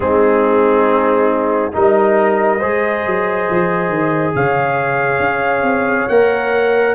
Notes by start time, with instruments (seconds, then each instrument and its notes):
0.00 tuba G#3, trombone C4, horn D#4, trumpet G#4
1.72 tuba G3, trombone D#4, horn A#4, trumpet D#5
2.59 tuba G#3, trombone G#4, horn C5
3.05 tuba F#3
3.49 tuba F3
3.88 tuba D#3
4.35 tuba C#3, horn C#5, trumpet F5
5.19 tuba C#4
5.62 tuba C4
6.08 tuba A#3, trombone A#4, trumpet F#5